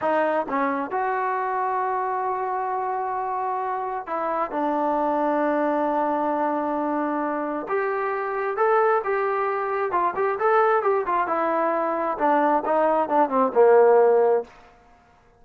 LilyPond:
\new Staff \with { instrumentName = "trombone" } { \time 4/4 \tempo 4 = 133 dis'4 cis'4 fis'2~ | fis'1~ | fis'4 e'4 d'2~ | d'1~ |
d'4 g'2 a'4 | g'2 f'8 g'8 a'4 | g'8 f'8 e'2 d'4 | dis'4 d'8 c'8 ais2 | }